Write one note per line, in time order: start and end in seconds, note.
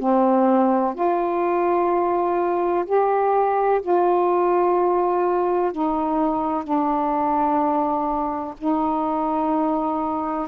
0.00 0.95 C4
0.95 2.86 F4
2.86 3.81 G4
3.82 5.72 F4
5.72 6.64 D#4
6.64 8.55 D4
8.58 10.48 D#4